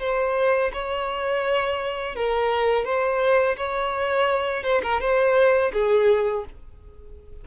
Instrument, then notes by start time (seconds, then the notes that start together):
violin
0.00 C5
0.73 C#5
2.16 A#4
2.85 C5
3.57 C#5
4.63 C5
4.83 A#4
5.01 C5
5.73 G#4